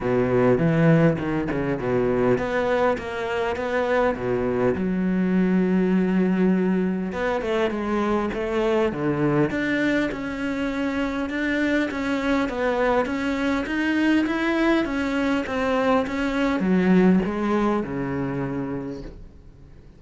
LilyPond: \new Staff \with { instrumentName = "cello" } { \time 4/4 \tempo 4 = 101 b,4 e4 dis8 cis8 b,4 | b4 ais4 b4 b,4 | fis1 | b8 a8 gis4 a4 d4 |
d'4 cis'2 d'4 | cis'4 b4 cis'4 dis'4 | e'4 cis'4 c'4 cis'4 | fis4 gis4 cis2 | }